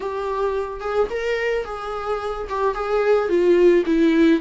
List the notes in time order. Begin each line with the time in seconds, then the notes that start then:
0.00 G4
0.80 G#4
1.09 A#4
1.65 G#4
2.49 G4
2.74 G#4
3.28 F4
3.86 E4